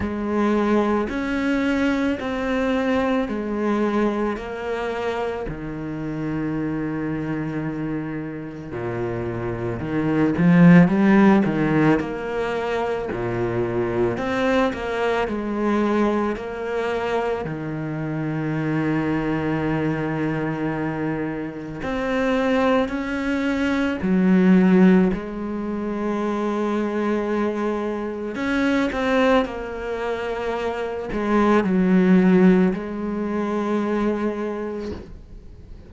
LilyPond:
\new Staff \with { instrumentName = "cello" } { \time 4/4 \tempo 4 = 55 gis4 cis'4 c'4 gis4 | ais4 dis2. | ais,4 dis8 f8 g8 dis8 ais4 | ais,4 c'8 ais8 gis4 ais4 |
dis1 | c'4 cis'4 fis4 gis4~ | gis2 cis'8 c'8 ais4~ | ais8 gis8 fis4 gis2 | }